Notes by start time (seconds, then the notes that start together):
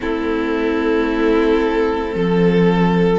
0.00 A3 C4 E4 A4
2.15 F3 A4